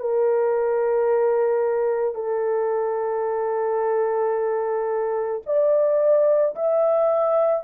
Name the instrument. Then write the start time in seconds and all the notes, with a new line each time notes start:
horn
0.00 A#4
2.15 A4
5.46 D5
6.56 E5